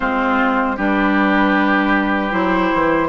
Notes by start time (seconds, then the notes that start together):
0.00 G#3 C4 F4 C5
0.76 G3 D4 G4 B4
2.31 F#3 E4 C5
2.74 E3